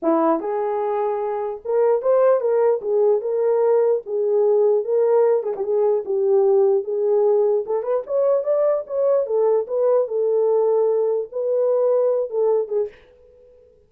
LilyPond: \new Staff \with { instrumentName = "horn" } { \time 4/4 \tempo 4 = 149 e'4 gis'2. | ais'4 c''4 ais'4 gis'4 | ais'2 gis'2 | ais'4. gis'16 g'16 gis'4 g'4~ |
g'4 gis'2 a'8 b'8 | cis''4 d''4 cis''4 a'4 | b'4 a'2. | b'2~ b'8 a'4 gis'8 | }